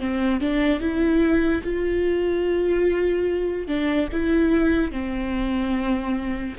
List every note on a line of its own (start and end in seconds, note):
0.00 0.41 C4
0.41 0.80 D4
0.80 1.63 E4
1.64 3.68 F4
3.68 4.09 D4
4.13 4.92 E4
4.92 6.56 C4